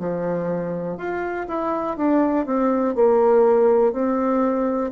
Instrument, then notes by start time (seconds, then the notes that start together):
bassoon
0.00 F3
0.98 F4
1.48 E4
1.97 D4
2.46 C4
2.95 A#3
3.93 C4